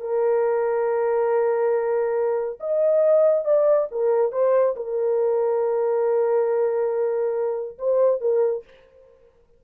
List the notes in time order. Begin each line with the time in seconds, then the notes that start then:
0.00 A#4
2.59 D#5
3.45 D5
3.91 A#4
4.32 C5
4.75 A#4
7.78 C5
8.21 A#4